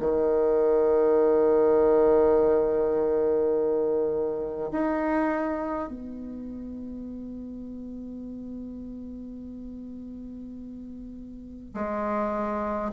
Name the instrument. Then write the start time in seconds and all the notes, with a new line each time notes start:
bassoon
0.00 D#3
4.72 D#4
5.89 B3
11.74 G#3